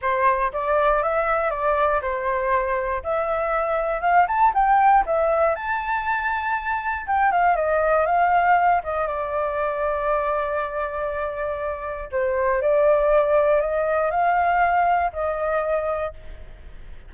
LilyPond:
\new Staff \with { instrumentName = "flute" } { \time 4/4 \tempo 4 = 119 c''4 d''4 e''4 d''4 | c''2 e''2 | f''8 a''8 g''4 e''4 a''4~ | a''2 g''8 f''8 dis''4 |
f''4. dis''8 d''2~ | d''1 | c''4 d''2 dis''4 | f''2 dis''2 | }